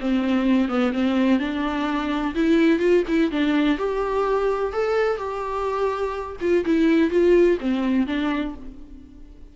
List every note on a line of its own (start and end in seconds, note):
0.00 0.68 C4
0.68 0.92 B3
0.92 1.39 C4
1.39 2.34 D4
2.35 2.79 E4
2.79 3.03 F4
3.08 3.31 E4
3.31 3.78 D4
3.78 4.73 G4
4.73 5.18 A4
5.18 6.37 G4
6.41 6.65 F4
6.65 7.10 E4
7.10 7.58 F4
7.60 8.07 C4
8.07 8.55 D4